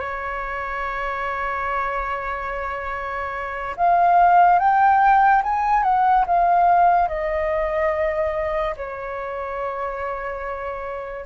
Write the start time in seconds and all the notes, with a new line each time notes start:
0.00 C#5
3.76 F5
4.59 G5
5.42 G#5
5.83 F#5
6.27 F5
7.08 D#5
8.77 C#5